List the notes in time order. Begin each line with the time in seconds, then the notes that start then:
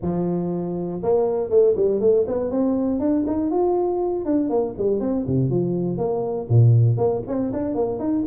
0.02 F3
1.02 A#3
1.50 A3
1.76 G3
2.00 A3
2.27 B3
2.50 C4
2.99 D4
3.26 D#4
3.50 F4
4.25 D4
4.49 A#3
4.77 G3
5.00 C4
5.26 C3
5.50 F3
5.97 A#3
6.49 A#2
6.97 A#3
7.27 C4
7.52 D4
7.75 A#3
7.99 D#4